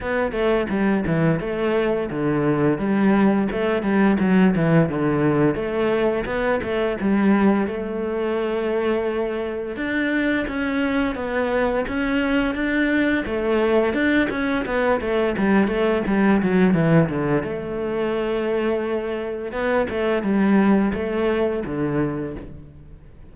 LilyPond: \new Staff \with { instrumentName = "cello" } { \time 4/4 \tempo 4 = 86 b8 a8 g8 e8 a4 d4 | g4 a8 g8 fis8 e8 d4 | a4 b8 a8 g4 a4~ | a2 d'4 cis'4 |
b4 cis'4 d'4 a4 | d'8 cis'8 b8 a8 g8 a8 g8 fis8 | e8 d8 a2. | b8 a8 g4 a4 d4 | }